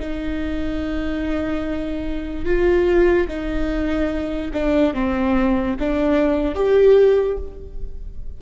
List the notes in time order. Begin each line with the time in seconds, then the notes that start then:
0.00 D#4
2.45 F4
3.28 D#4
4.54 D4
4.94 C4
5.79 D4
6.55 G4